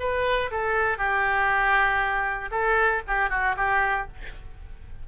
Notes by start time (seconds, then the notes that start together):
0.00 B4
0.51 A4
0.98 G4
2.51 A4
3.07 G4
3.30 F#4
3.57 G4